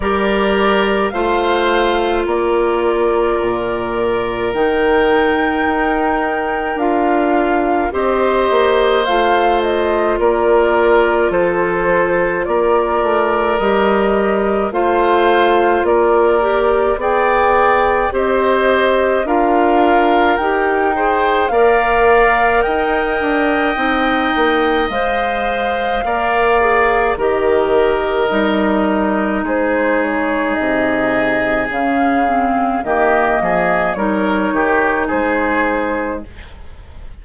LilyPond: <<
  \new Staff \with { instrumentName = "flute" } { \time 4/4 \tempo 4 = 53 d''4 f''4 d''2 | g''2 f''4 dis''4 | f''8 dis''8 d''4 c''4 d''4 | dis''4 f''4 d''4 g''4 |
dis''4 f''4 g''4 f''4 | g''2 f''2 | dis''2 c''8 cis''8 dis''4 | f''4 dis''4 cis''4 c''4 | }
  \new Staff \with { instrumentName = "oboe" } { \time 4/4 ais'4 c''4 ais'2~ | ais'2. c''4~ | c''4 ais'4 a'4 ais'4~ | ais'4 c''4 ais'4 d''4 |
c''4 ais'4. c''8 d''4 | dis''2. d''4 | ais'2 gis'2~ | gis'4 g'8 gis'8 ais'8 g'8 gis'4 | }
  \new Staff \with { instrumentName = "clarinet" } { \time 4/4 g'4 f'2. | dis'2 f'4 g'4 | f'1 | g'4 f'4. g'8 gis'4 |
g'4 f'4 g'8 gis'8 ais'4~ | ais'4 dis'4 c''4 ais'8 gis'8 | g'4 dis'2. | cis'8 c'8 ais4 dis'2 | }
  \new Staff \with { instrumentName = "bassoon" } { \time 4/4 g4 a4 ais4 ais,4 | dis4 dis'4 d'4 c'8 ais8 | a4 ais4 f4 ais8 a8 | g4 a4 ais4 b4 |
c'4 d'4 dis'4 ais4 | dis'8 d'8 c'8 ais8 gis4 ais4 | dis4 g4 gis4 c4 | cis4 dis8 f8 g8 dis8 gis4 | }
>>